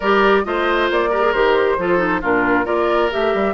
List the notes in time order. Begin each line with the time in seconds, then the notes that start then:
0.00 G3 G4 A#4 D5
0.44 A3 F4 C5 D#5
0.90 A#3 D5
1.10 G4 A#4
1.22 G#4
1.32 D#3 G4 C5
1.77 F3 F4 A4
1.97 D#4
2.21 A#2 D4 F4 A#4
2.64 A#3 F4 A#4 D5
3.10 A3 G4 E5
3.34 G3